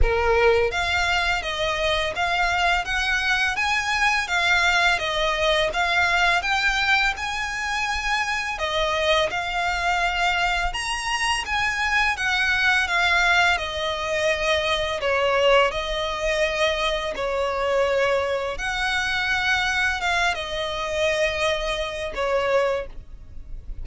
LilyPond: \new Staff \with { instrumentName = "violin" } { \time 4/4 \tempo 4 = 84 ais'4 f''4 dis''4 f''4 | fis''4 gis''4 f''4 dis''4 | f''4 g''4 gis''2 | dis''4 f''2 ais''4 |
gis''4 fis''4 f''4 dis''4~ | dis''4 cis''4 dis''2 | cis''2 fis''2 | f''8 dis''2~ dis''8 cis''4 | }